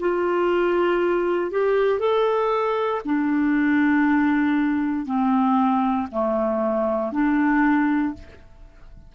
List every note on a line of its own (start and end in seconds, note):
0.00 1.51 F4
1.51 2.00 G4
2.00 3.01 A4
3.05 5.06 D4
5.06 6.07 C4
6.11 7.12 A3
7.12 8.14 D4